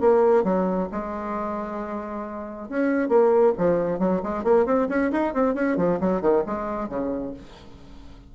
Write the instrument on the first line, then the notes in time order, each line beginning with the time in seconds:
bassoon
0.00 A#3
0.44 F#3
0.92 G#3
2.69 C#4
3.09 A#3
3.58 F3
3.99 F#3
4.23 G#3
4.44 A#3
4.66 C4
4.89 C#4
5.12 D#4
5.34 C4
5.55 C#4
5.77 F3
6.00 F#3
6.21 D#3
6.46 G#3
6.89 C#3